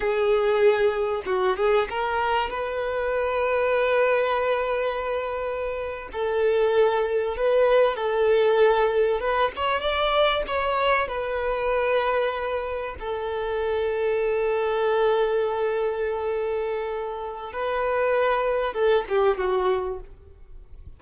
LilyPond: \new Staff \with { instrumentName = "violin" } { \time 4/4 \tempo 4 = 96 gis'2 fis'8 gis'8 ais'4 | b'1~ | b'4.~ b'16 a'2 b'16~ | b'8. a'2 b'8 cis''8 d''16~ |
d''8. cis''4 b'2~ b'16~ | b'8. a'2.~ a'16~ | a'1 | b'2 a'8 g'8 fis'4 | }